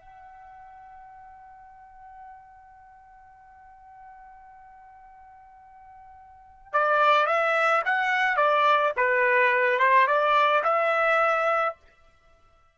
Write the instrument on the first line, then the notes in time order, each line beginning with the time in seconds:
trumpet
0.00 F#5
6.73 D5
7.26 E5
7.85 F#5
8.37 D5
8.96 B4
9.79 C5
10.07 D5
10.64 E5